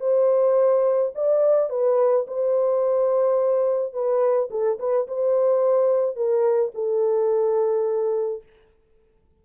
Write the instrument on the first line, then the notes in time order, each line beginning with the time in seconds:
horn
0.00 C5
1.15 D5
1.70 B4
2.27 C5
3.93 B4
4.50 A4
4.79 B4
5.08 C5
6.16 A#4
6.75 A4